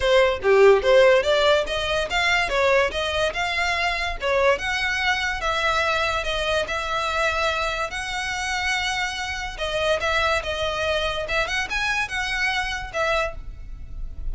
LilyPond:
\new Staff \with { instrumentName = "violin" } { \time 4/4 \tempo 4 = 144 c''4 g'4 c''4 d''4 | dis''4 f''4 cis''4 dis''4 | f''2 cis''4 fis''4~ | fis''4 e''2 dis''4 |
e''2. fis''4~ | fis''2. dis''4 | e''4 dis''2 e''8 fis''8 | gis''4 fis''2 e''4 | }